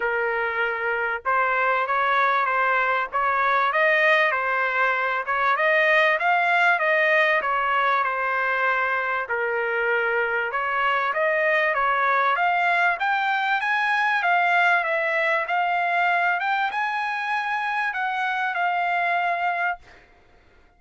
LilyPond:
\new Staff \with { instrumentName = "trumpet" } { \time 4/4 \tempo 4 = 97 ais'2 c''4 cis''4 | c''4 cis''4 dis''4 c''4~ | c''8 cis''8 dis''4 f''4 dis''4 | cis''4 c''2 ais'4~ |
ais'4 cis''4 dis''4 cis''4 | f''4 g''4 gis''4 f''4 | e''4 f''4. g''8 gis''4~ | gis''4 fis''4 f''2 | }